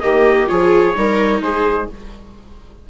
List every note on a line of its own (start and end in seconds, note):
0.00 0.50 D#3
0.00 0.46 A#3
0.00 0.50 G4
0.00 0.47 D#5
0.46 0.96 F3
0.46 0.93 F4
0.46 0.97 G#4
0.46 1.42 C#5
0.94 1.41 G3
0.94 1.88 D#4
0.94 1.42 A#4
1.41 1.88 G#3
1.41 1.89 G#4
1.41 1.89 C5